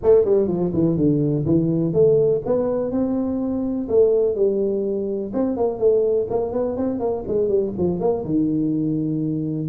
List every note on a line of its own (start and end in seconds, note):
0.02 0.25 A3
0.25 0.47 G3
0.47 0.71 F3
0.73 0.96 E3
0.96 1.45 D3
1.45 1.93 E3
1.93 2.41 A3
2.45 2.91 B3
2.91 3.88 C4
3.88 4.35 A3
4.35 5.31 G3
5.33 5.56 C4
5.56 5.78 A#3
5.78 6.27 A3
6.30 6.52 A#3
6.52 6.76 B3
6.76 6.99 C4
6.99 7.24 A#3
7.27 7.48 G#3
7.48 7.72 G3
7.77 8.00 F3
8.00 8.24 A#3
8.25 9.68 D#3